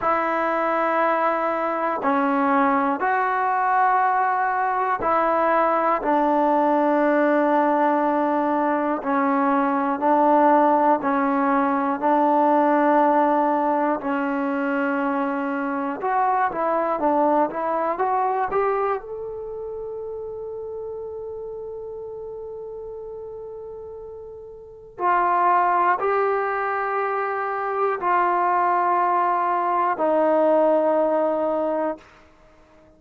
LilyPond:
\new Staff \with { instrumentName = "trombone" } { \time 4/4 \tempo 4 = 60 e'2 cis'4 fis'4~ | fis'4 e'4 d'2~ | d'4 cis'4 d'4 cis'4 | d'2 cis'2 |
fis'8 e'8 d'8 e'8 fis'8 g'8 a'4~ | a'1~ | a'4 f'4 g'2 | f'2 dis'2 | }